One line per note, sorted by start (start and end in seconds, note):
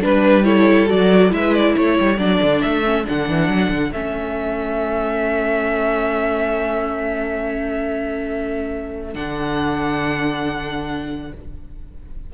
0.00 0.90 G3
0.00 0.43 D4
0.00 0.46 B4
0.00 0.44 B4
0.43 0.87 E4
0.43 1.33 A4
0.43 0.87 C#5
0.87 1.32 F#3
0.87 1.29 F#4
0.87 1.32 D5
1.29 1.75 G#3
1.29 2.16 E4
1.29 1.53 E5
1.35 1.77 B4
1.53 1.75 D5
1.76 1.99 A3
1.76 11.34 A4
1.76 2.18 C#5
1.99 2.18 G3
2.18 2.40 F#3
2.18 2.83 D4
2.18 2.61 D5
2.41 2.63 D3
2.61 3.07 A3
2.61 3.05 E5
2.84 3.04 C#4
3.04 3.28 D3
3.04 3.91 D4
3.04 3.92 F#5
3.28 3.48 E3
3.48 3.70 F#3
3.70 3.92 D3
3.92 9.14 A3
3.92 9.13 C#4
3.92 9.14 E5
9.13 11.32 D3
9.13 11.31 D4
9.13 11.33 F#5